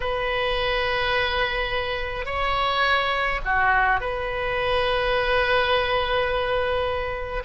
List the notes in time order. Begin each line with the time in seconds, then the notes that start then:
0.00 B4
2.25 C#5
3.44 F#4
4.00 B4